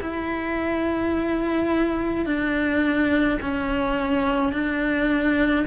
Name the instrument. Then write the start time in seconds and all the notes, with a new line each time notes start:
cello
0.00 E4
2.25 D4
3.41 C#4
4.52 D4